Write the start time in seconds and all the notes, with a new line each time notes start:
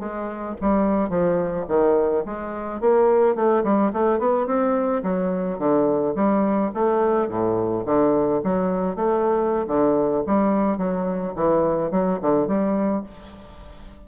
0.00 G#3
0.61 G3
1.10 F3
1.69 D#3
2.26 G#3
2.81 A#3
3.36 A3
3.64 G3
3.93 A3
4.19 B3
4.47 C4
5.03 F#3
5.59 D3
6.16 G3
6.75 A3
7.29 A2
7.86 D3
8.44 F#3
8.96 A3
9.68 D3
10.27 G3
10.78 F#3
11.36 E3
11.92 F#3
12.22 D3
12.48 G3